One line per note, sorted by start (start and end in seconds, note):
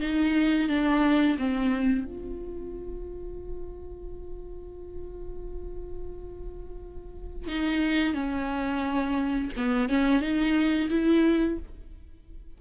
0.00 0.68 D#4
0.68 1.37 D4
1.38 2.05 C4
2.05 7.48 F4
7.48 8.14 D#4
8.14 9.50 C#4
9.56 9.89 B3
9.89 10.21 C#4
10.21 10.89 D#4
10.90 11.58 E4